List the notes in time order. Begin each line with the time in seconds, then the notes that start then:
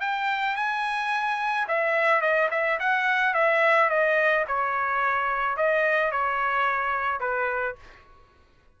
0.00 G5
0.56 G#5
1.67 E5
2.21 D#5
2.51 E5
2.79 F#5
3.34 E5
3.89 D#5
4.47 C#5
5.57 D#5
6.11 C#5
7.20 B4